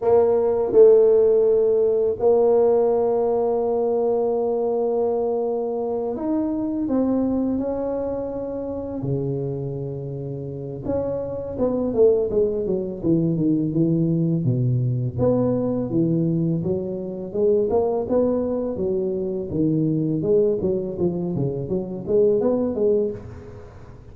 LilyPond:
\new Staff \with { instrumentName = "tuba" } { \time 4/4 \tempo 4 = 83 ais4 a2 ais4~ | ais1~ | ais8 dis'4 c'4 cis'4.~ | cis'8 cis2~ cis8 cis'4 |
b8 a8 gis8 fis8 e8 dis8 e4 | b,4 b4 e4 fis4 | gis8 ais8 b4 fis4 dis4 | gis8 fis8 f8 cis8 fis8 gis8 b8 gis8 | }